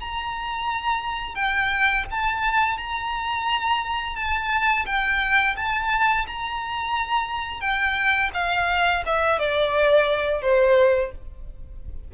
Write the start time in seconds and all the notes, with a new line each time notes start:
0.00 A#5
1.35 G5
2.10 A5
2.77 A#5
4.15 A5
4.86 G5
5.56 A5
6.27 A#5
7.60 G5
8.33 F5
9.05 E5
9.39 D5
10.41 C5